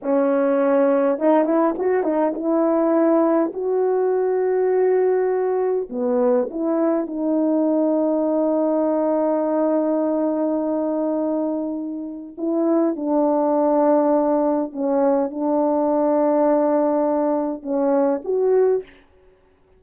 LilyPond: \new Staff \with { instrumentName = "horn" } { \time 4/4 \tempo 4 = 102 cis'2 dis'8 e'8 fis'8 dis'8 | e'2 fis'2~ | fis'2 b4 e'4 | dis'1~ |
dis'1~ | dis'4 e'4 d'2~ | d'4 cis'4 d'2~ | d'2 cis'4 fis'4 | }